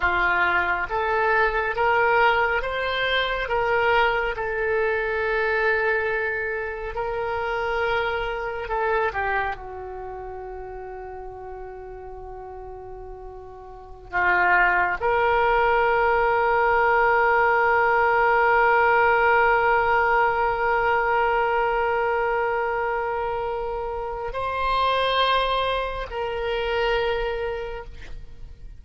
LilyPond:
\new Staff \with { instrumentName = "oboe" } { \time 4/4 \tempo 4 = 69 f'4 a'4 ais'4 c''4 | ais'4 a'2. | ais'2 a'8 g'8 fis'4~ | fis'1~ |
fis'16 f'4 ais'2~ ais'8.~ | ais'1~ | ais'1 | c''2 ais'2 | }